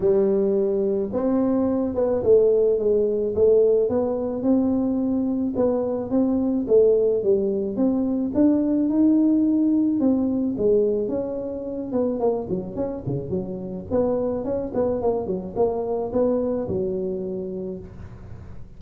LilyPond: \new Staff \with { instrumentName = "tuba" } { \time 4/4 \tempo 4 = 108 g2 c'4. b8 | a4 gis4 a4 b4 | c'2 b4 c'4 | a4 g4 c'4 d'4 |
dis'2 c'4 gis4 | cis'4. b8 ais8 fis8 cis'8 cis8 | fis4 b4 cis'8 b8 ais8 fis8 | ais4 b4 fis2 | }